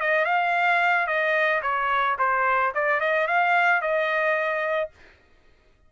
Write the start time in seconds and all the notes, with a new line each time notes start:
0.00 D#5
0.25 F5
1.07 D#5
1.62 C#5
2.19 C5
2.74 D5
3.00 D#5
3.27 F5
3.81 D#5